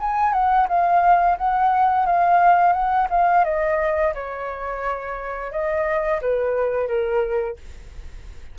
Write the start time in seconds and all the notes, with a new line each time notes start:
0.00 G#5
0.33 F#5
0.68 F5
1.37 F#5
2.06 F5
2.73 F#5
3.10 F5
3.44 D#5
4.14 C#5
5.51 D#5
6.21 B4
6.87 A#4